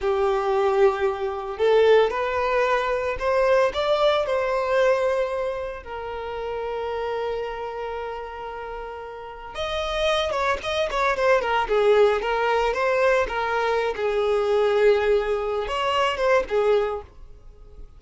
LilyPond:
\new Staff \with { instrumentName = "violin" } { \time 4/4 \tempo 4 = 113 g'2. a'4 | b'2 c''4 d''4 | c''2. ais'4~ | ais'1~ |
ais'2 dis''4. cis''8 | dis''8 cis''8 c''8 ais'8 gis'4 ais'4 | c''4 ais'4~ ais'16 gis'4.~ gis'16~ | gis'4. cis''4 c''8 gis'4 | }